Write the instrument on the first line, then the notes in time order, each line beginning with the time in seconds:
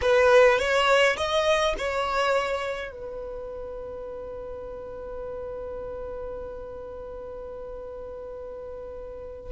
violin
0.01 B4
0.58 C#5
1.16 D#5
1.78 C#5
2.91 B4